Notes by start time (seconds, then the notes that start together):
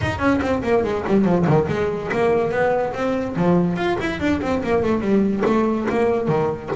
0.01 D#4
0.18 C#4
0.41 C4
0.63 A#3
0.83 G#3
1.07 G3
1.24 F3
1.46 D#3
1.68 G#3
2.12 A#3
2.51 B3
2.93 C4
3.36 F3
3.76 F4
4.00 E4
4.20 D4
4.41 C4
4.63 A#3
4.83 A3
5.00 G3
5.45 A3
5.89 A#3
6.28 D#3